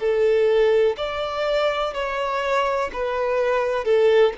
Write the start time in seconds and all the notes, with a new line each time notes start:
0.00 A4
0.98 D5
1.94 C#5
2.93 B4
3.85 A4